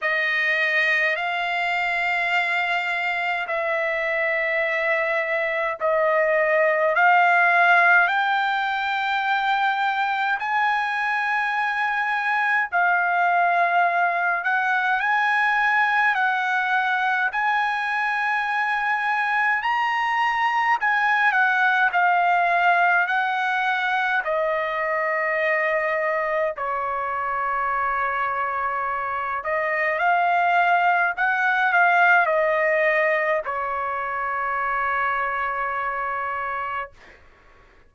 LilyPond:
\new Staff \with { instrumentName = "trumpet" } { \time 4/4 \tempo 4 = 52 dis''4 f''2 e''4~ | e''4 dis''4 f''4 g''4~ | g''4 gis''2 f''4~ | f''8 fis''8 gis''4 fis''4 gis''4~ |
gis''4 ais''4 gis''8 fis''8 f''4 | fis''4 dis''2 cis''4~ | cis''4. dis''8 f''4 fis''8 f''8 | dis''4 cis''2. | }